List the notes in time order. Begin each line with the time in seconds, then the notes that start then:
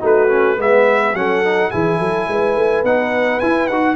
0.00 A3 D#4 F#4
0.06 B4
0.29 C#4
0.57 G#3 B3 B4 E5
1.14 F#3 C#4 A4 F#5
1.45 D#4
1.71 E3 E4 G#4 G#5
1.99 F#3 A4
2.28 G#3 B4
2.56 A3
2.83 B3 D#4 F#5
3.40 E4 G#5
3.68 D#4 F#4 F#5